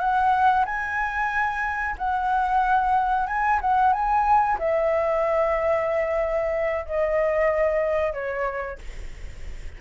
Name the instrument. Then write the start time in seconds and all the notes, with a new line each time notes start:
flute
0.00 F#5
0.66 G#5
1.98 F#5
3.27 G#5
3.62 F#5
3.93 G#5
4.59 E5
6.86 D#5
8.13 C#5